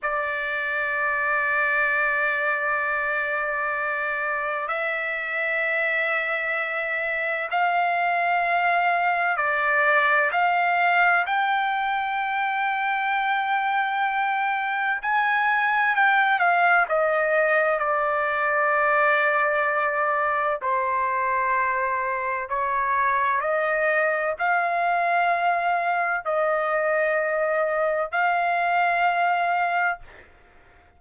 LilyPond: \new Staff \with { instrumentName = "trumpet" } { \time 4/4 \tempo 4 = 64 d''1~ | d''4 e''2. | f''2 d''4 f''4 | g''1 |
gis''4 g''8 f''8 dis''4 d''4~ | d''2 c''2 | cis''4 dis''4 f''2 | dis''2 f''2 | }